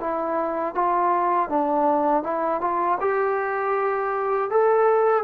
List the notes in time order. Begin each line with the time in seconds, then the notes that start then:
0.00 E4
0.75 F4
1.49 D4
2.23 E4
2.60 F4
3.00 G4
4.50 A4